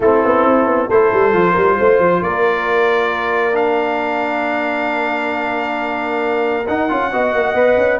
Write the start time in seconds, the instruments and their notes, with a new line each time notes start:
0.00 tuba A3, trombone C4, horn E4, trumpet A4
0.24 tuba B3
0.44 tuba C4
0.65 tuba B3
0.87 tuba A3, trombone E4, horn A4, trumpet C5
1.12 tuba G3
1.32 tuba F3, trombone F4
1.52 tuba G3, horn A#4
1.78 tuba A3, horn C5
1.99 tuba F3
2.21 tuba A#3, horn A#4, trumpet D5
3.52 trombone D4, trumpet F5
6.67 tuba D#4, trombone D#4, trumpet F#5
6.89 tuba C#4, trombone F4
7.11 tuba B3, trombone F#4, horn D#5
7.33 tuba A#3
7.54 tuba B3, trombone B4
7.76 tuba C#4